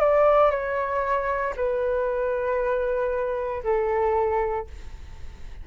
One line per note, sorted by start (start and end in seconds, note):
0.00 0.51 D5
0.51 1.54 C#5
1.57 3.63 B4
3.64 4.67 A4